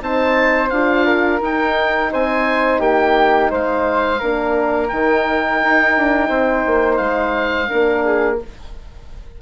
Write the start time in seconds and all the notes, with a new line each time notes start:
0.00 C4 D#4 C5 A5
0.69 D4 F4 F5
1.06 A#4
1.40 D#4 G5
2.12 C4 C5 G#5
2.79 A#3 G4 G5
3.50 G#3 C5 F5
4.18 A#3 D4 A#4
4.88 D#3 D#4 G5
5.62 D#4
5.97 D4
6.28 C4 C5
6.66 A#3
6.97 G#3 F5
7.69 A#3 D4 A#4
8.04 G#4